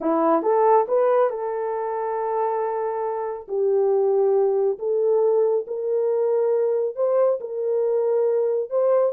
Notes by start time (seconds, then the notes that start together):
0.01 E4
0.42 A4
0.87 B4
1.29 A4
3.47 G4
4.78 A4
5.67 A#4
6.95 C5
7.40 A#4
8.70 C5